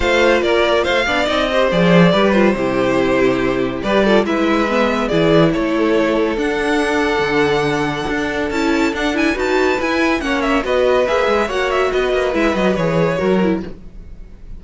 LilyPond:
<<
  \new Staff \with { instrumentName = "violin" } { \time 4/4 \tempo 4 = 141 f''4 d''4 f''4 dis''4 | d''4. c''2~ c''8~ | c''4 d''4 e''2 | d''4 cis''2 fis''4~ |
fis''1 | a''4 fis''8 gis''8 a''4 gis''4 | fis''8 e''8 dis''4 e''4 fis''8 e''8 | dis''4 e''8 dis''8 cis''2 | }
  \new Staff \with { instrumentName = "violin" } { \time 4/4 c''4 ais'4 c''8 d''4 c''8~ | c''4 b'4 g'2~ | g'4 b'8 a'8 b'2 | gis'4 a'2.~ |
a'1~ | a'2 b'2 | cis''4 b'2 cis''4 | b'2. ais'4 | }
  \new Staff \with { instrumentName = "viola" } { \time 4/4 f'2~ f'8 d'8 dis'8 g'8 | gis'4 g'8 f'8 e'2~ | e'4 g'8 f'8 e'4 b4 | e'2. d'4~ |
d'1 | e'4 d'8 e'8 fis'4 e'4 | cis'4 fis'4 gis'4 fis'4~ | fis'4 e'8 fis'8 gis'4 fis'8 e'8 | }
  \new Staff \with { instrumentName = "cello" } { \time 4/4 a4 ais4 a8 b8 c'4 | f4 g4 c2~ | c4 g4 gis2 | e4 a2 d'4~ |
d'4 d2 d'4 | cis'4 d'4 dis'4 e'4 | ais4 b4 ais8 gis8 ais4 | b8 ais8 gis8 fis8 e4 fis4 | }
>>